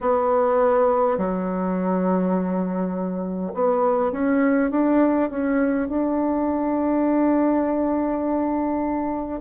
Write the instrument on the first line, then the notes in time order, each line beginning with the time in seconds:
bassoon
0.01 B3
1.17 F#3
3.53 B3
4.12 C#4
4.71 D4
5.29 C#4
5.88 D4